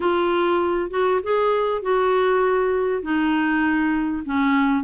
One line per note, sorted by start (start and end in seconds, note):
0.00 0.90 F4
0.90 1.20 F#4
1.23 1.82 G#4
1.82 3.02 F#4
3.02 4.23 D#4
4.25 4.83 C#4